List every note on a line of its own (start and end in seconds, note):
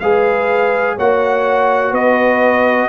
0.00 0.98 G#3
0.00 1.00 G#4
0.00 0.96 B4
0.00 0.97 F5
0.96 1.92 A#3
0.96 2.89 F#4
0.96 1.91 C#5
0.96 1.94 F#5
1.91 2.89 B3
1.91 2.87 B4
1.91 2.89 D#5